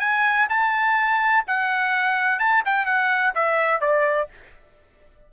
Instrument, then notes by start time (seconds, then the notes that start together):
trumpet
0.00 G#5
0.50 A5
1.48 F#5
2.39 A5
2.66 G5
2.86 F#5
3.35 E5
3.81 D5